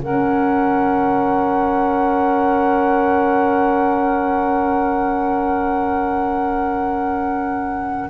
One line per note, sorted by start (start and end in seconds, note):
0.00 8.08 F#3
0.00 8.10 C#4
0.00 8.10 A#4
0.00 8.10 F#5